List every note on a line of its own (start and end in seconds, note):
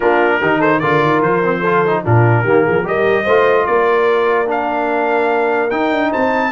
0.00 0.41 A#3
0.00 0.41 D4
0.00 0.39 F4
0.00 0.61 A#4
0.40 0.82 D#3
0.40 0.82 D#4
0.40 0.58 G4
0.58 0.79 A4
0.58 0.79 C5
0.79 1.02 D3
0.79 1.43 F4
0.79 1.60 A#4
0.79 1.20 D5
1.02 1.21 D#3
1.21 2.03 F3
1.21 2.04 C5
1.43 1.63 C4
1.60 1.85 F4
1.60 2.00 A4
1.85 2.05 D#4
2.05 2.43 A#2
2.05 2.45 D4
2.05 2.43 F4
2.05 2.87 A#4
2.43 2.64 D#3
2.43 2.84 A#3
2.43 2.63 G4
2.64 2.84 F3
2.64 2.84 G#4
2.84 3.25 G3
2.84 3.24 G4
2.84 3.23 A#4
2.84 3.65 D#5
3.23 3.66 A3
3.23 4.46 F4
3.23 3.64 C5
3.65 5.71 A#3
3.65 6.10 A#4
3.65 4.47 D5
4.46 5.68 D4
4.46 5.70 F5
5.70 6.51 D#4
5.70 5.91 D#4
5.70 6.11 G5
5.91 6.12 D4
6.10 6.51 C4
6.10 6.51 C5
6.10 6.51 A5